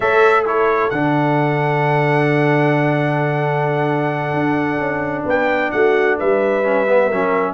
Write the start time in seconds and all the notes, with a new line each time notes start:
0.00 A3 A4 C#5 E5
0.45 E4 A4 C#5
0.90 D3 D4 F#5
4.33 D4
4.78 C#4
5.25 B3 B4 G5
5.71 A3 F#4 F#5
6.18 G3 B4 E5
6.64 C#4
6.88 B3
7.07 F#3 C#4 A#4